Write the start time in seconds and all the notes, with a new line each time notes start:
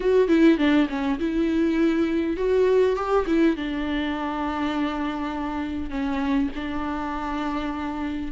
0.00 F#4
0.28 E4
0.58 D4
0.89 C#4
1.19 E4
2.37 F#4
2.96 G4
3.26 E4
3.56 D4
5.89 C#4
6.55 D4